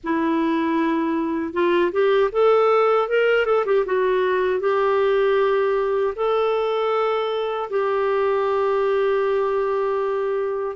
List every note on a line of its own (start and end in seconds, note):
0.03 1.53 E4
1.53 1.91 F4
1.92 2.30 G4
2.32 3.08 A4
3.08 3.45 A#4
3.45 3.65 A4
3.65 3.84 G4
3.85 4.60 F#4
4.60 6.14 G4
6.15 7.69 A4
7.70 10.76 G4